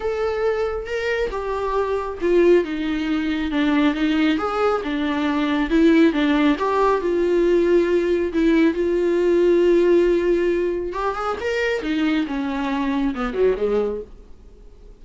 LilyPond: \new Staff \with { instrumentName = "viola" } { \time 4/4 \tempo 4 = 137 a'2 ais'4 g'4~ | g'4 f'4 dis'2 | d'4 dis'4 gis'4 d'4~ | d'4 e'4 d'4 g'4 |
f'2. e'4 | f'1~ | f'4 g'8 gis'8 ais'4 dis'4 | cis'2 b8 fis8 gis4 | }